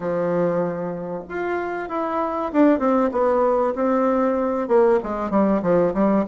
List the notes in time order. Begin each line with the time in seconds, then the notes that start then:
0.00 F3
1.28 F4
1.89 E4
2.52 D4
2.79 C4
3.11 B3
3.75 C4
4.68 A#3
5.03 G#3
5.30 G3
5.62 F3
5.94 G3